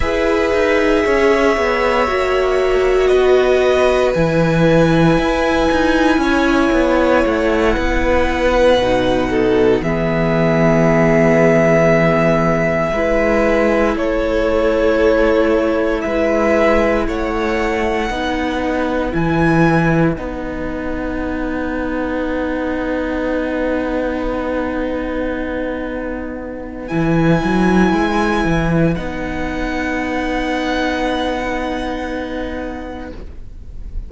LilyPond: <<
  \new Staff \with { instrumentName = "violin" } { \time 4/4 \tempo 4 = 58 e''2. dis''4 | gis''2. fis''4~ | fis''4. e''2~ e''8~ | e''4. cis''2 e''8~ |
e''8 fis''2 gis''4 fis''8~ | fis''1~ | fis''2 gis''2 | fis''1 | }
  \new Staff \with { instrumentName = "violin" } { \time 4/4 b'4 cis''2 b'4~ | b'2 cis''4. b'8~ | b'4 a'8 gis'2~ gis'8~ | gis'8 b'4 a'2 b'8~ |
b'8 cis''4 b'2~ b'8~ | b'1~ | b'1~ | b'1 | }
  \new Staff \with { instrumentName = "viola" } { \time 4/4 gis'2 fis'2 | e'1~ | e'8 dis'4 b2~ b8~ | b8 e'2.~ e'8~ |
e'4. dis'4 e'4 dis'8~ | dis'1~ | dis'2 e'2 | dis'1 | }
  \new Staff \with { instrumentName = "cello" } { \time 4/4 e'8 dis'8 cis'8 b8 ais4 b4 | e4 e'8 dis'8 cis'8 b8 a8 b8~ | b8 b,4 e2~ e8~ | e8 gis4 a2 gis8~ |
gis8 a4 b4 e4 b8~ | b1~ | b2 e8 fis8 gis8 e8 | b1 | }
>>